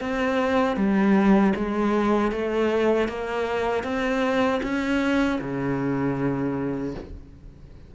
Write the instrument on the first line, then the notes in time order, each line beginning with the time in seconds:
cello
0.00 C4
0.76 G3
1.56 G#3
2.31 A3
3.08 A#3
3.84 C4
4.63 C#4
5.41 C#3